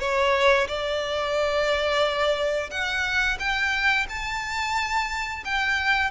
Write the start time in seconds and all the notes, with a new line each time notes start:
0.00 C#5
0.68 D5
2.71 F#5
3.40 G5
4.09 A5
5.45 G5